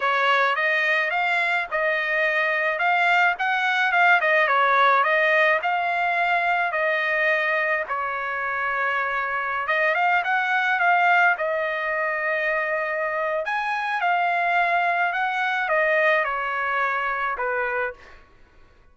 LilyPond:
\new Staff \with { instrumentName = "trumpet" } { \time 4/4 \tempo 4 = 107 cis''4 dis''4 f''4 dis''4~ | dis''4 f''4 fis''4 f''8 dis''8 | cis''4 dis''4 f''2 | dis''2 cis''2~ |
cis''4~ cis''16 dis''8 f''8 fis''4 f''8.~ | f''16 dis''2.~ dis''8. | gis''4 f''2 fis''4 | dis''4 cis''2 b'4 | }